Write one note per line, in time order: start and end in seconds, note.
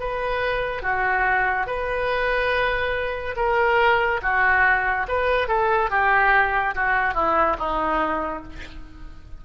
0.00 0.83 B4
0.83 1.67 F#4
1.67 3.36 B4
3.36 4.21 A#4
4.23 5.07 F#4
5.08 5.48 B4
5.48 5.90 A4
5.90 6.75 G4
6.75 7.15 F#4
7.15 7.57 E4
7.59 8.44 D#4